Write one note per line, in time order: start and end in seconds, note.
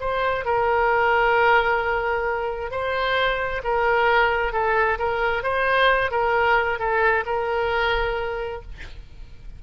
0.00 0.45 C5
0.45 2.71 A#4
2.71 3.62 C5
3.64 4.53 A#4
4.53 4.98 A4
4.98 5.43 A#4
5.43 6.11 C5
6.11 6.79 A#4
6.79 7.24 A4
7.26 8.62 A#4